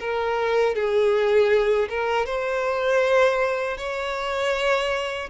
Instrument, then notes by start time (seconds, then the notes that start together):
violin
0.00 A#4
0.75 G#4
1.90 A#4
2.26 C5
3.78 C#5